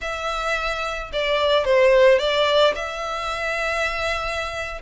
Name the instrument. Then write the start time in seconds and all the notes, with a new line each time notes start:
violin
0.01 E5
1.12 D5
1.64 C5
2.19 D5
2.75 E5